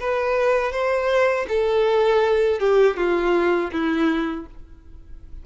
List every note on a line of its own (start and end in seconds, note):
0.00 0.72 B4
0.72 1.46 C5
1.48 2.59 A4
2.59 2.96 G4
2.96 3.70 F4
3.72 4.46 E4